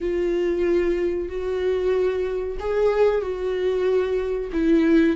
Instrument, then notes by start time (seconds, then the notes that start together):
viola
0.00 F4
1.28 F#4
2.59 G#4
3.21 F#4
4.52 E4